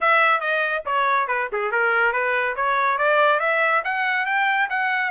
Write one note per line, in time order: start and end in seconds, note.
0.00 0.40 E5
0.40 0.83 D#5
0.85 1.27 C#5
1.27 1.49 B4
1.52 1.71 G#4
1.71 2.12 A#4
2.12 2.55 B4
2.56 2.97 C#5
2.97 3.39 D5
3.39 3.82 E5
3.84 4.26 F#5
4.26 4.68 G5
4.69 5.11 F#5